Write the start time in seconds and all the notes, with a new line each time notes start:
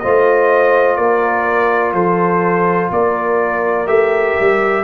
0.00 A3 F4 C5 D#5
0.96 A#3 A#4 D5
1.94 F3 A4 C5
2.91 A#3 A#4 D5
3.87 A3 G4 E5
4.40 G3